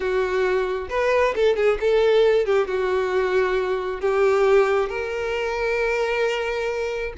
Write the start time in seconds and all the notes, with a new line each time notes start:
0.00 F#4
0.89 B4
1.35 A4
1.55 G#4
1.80 A4
2.45 G4
2.67 F#4
4.00 G4
4.89 A#4